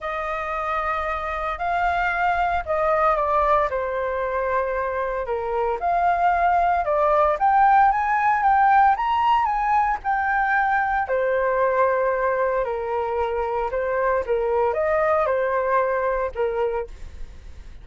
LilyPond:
\new Staff \with { instrumentName = "flute" } { \time 4/4 \tempo 4 = 114 dis''2. f''4~ | f''4 dis''4 d''4 c''4~ | c''2 ais'4 f''4~ | f''4 d''4 g''4 gis''4 |
g''4 ais''4 gis''4 g''4~ | g''4 c''2. | ais'2 c''4 ais'4 | dis''4 c''2 ais'4 | }